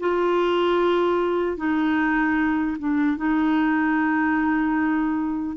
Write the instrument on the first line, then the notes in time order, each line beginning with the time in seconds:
clarinet
0.00 F4
1.57 D#4
2.79 D4
3.17 D#4